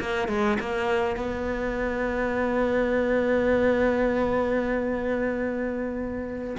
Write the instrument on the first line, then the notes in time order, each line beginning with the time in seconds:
cello
0.00 A#3
0.28 G#3
0.60 A#3
1.16 B3